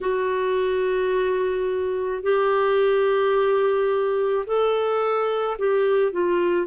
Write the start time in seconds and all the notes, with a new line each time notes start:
0.01 F#4
2.22 G4
4.46 A4
5.58 G4
6.12 F4